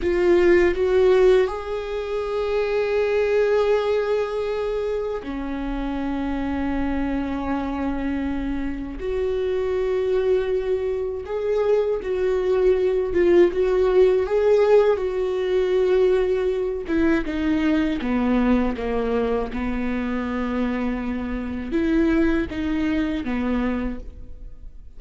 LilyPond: \new Staff \with { instrumentName = "viola" } { \time 4/4 \tempo 4 = 80 f'4 fis'4 gis'2~ | gis'2. cis'4~ | cis'1 | fis'2. gis'4 |
fis'4. f'8 fis'4 gis'4 | fis'2~ fis'8 e'8 dis'4 | b4 ais4 b2~ | b4 e'4 dis'4 b4 | }